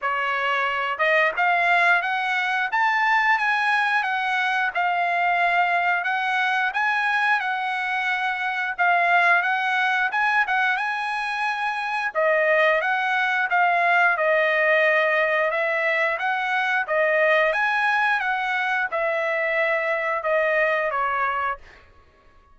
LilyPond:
\new Staff \with { instrumentName = "trumpet" } { \time 4/4 \tempo 4 = 89 cis''4. dis''8 f''4 fis''4 | a''4 gis''4 fis''4 f''4~ | f''4 fis''4 gis''4 fis''4~ | fis''4 f''4 fis''4 gis''8 fis''8 |
gis''2 dis''4 fis''4 | f''4 dis''2 e''4 | fis''4 dis''4 gis''4 fis''4 | e''2 dis''4 cis''4 | }